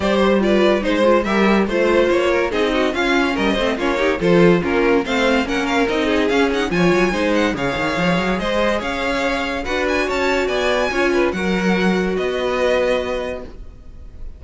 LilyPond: <<
  \new Staff \with { instrumentName = "violin" } { \time 4/4 \tempo 4 = 143 d''8 c''8 d''4 c''4 e''4 | c''4 cis''4 dis''4 f''4 | dis''4 cis''4 c''4 ais'4 | f''4 fis''8 f''8 dis''4 f''8 fis''8 |
gis''4. fis''8 f''2 | dis''4 f''2 fis''8 gis''8 | a''4 gis''2 fis''4~ | fis''4 dis''2. | }
  \new Staff \with { instrumentName = "violin" } { \time 4/4 c''4 b'4 c''4 ais'4 | c''4. ais'8 gis'8 fis'8 f'4 | ais'8 c''8 f'8 g'8 a'4 f'4 | c''4 ais'4. gis'4. |
cis''4 c''4 cis''2 | c''4 cis''2 b'4 | cis''4 d''4 cis''8 b'8 ais'4~ | ais'4 b'2. | }
  \new Staff \with { instrumentName = "viola" } { \time 4/4 g'4 f'4 dis'8 f'8 g'4 | f'2 dis'4 cis'4~ | cis'8 c'8 cis'8 dis'8 f'4 cis'4 | c'4 cis'4 dis'4 cis'8 dis'8 |
f'4 dis'4 gis'2~ | gis'2. fis'4~ | fis'2 f'4 fis'4~ | fis'1 | }
  \new Staff \with { instrumentName = "cello" } { \time 4/4 g2 gis4 g4 | a4 ais4 c'4 cis'4 | g8 a8 ais4 f4 ais4 | a4 ais4 c'4 cis'4 |
f8 fis8 gis4 cis8 dis8 f8 fis8 | gis4 cis'2 d'4 | cis'4 b4 cis'4 fis4~ | fis4 b2. | }
>>